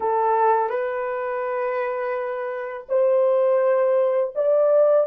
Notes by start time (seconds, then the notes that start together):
0.00 A4
0.69 B4
2.88 C5
4.35 D5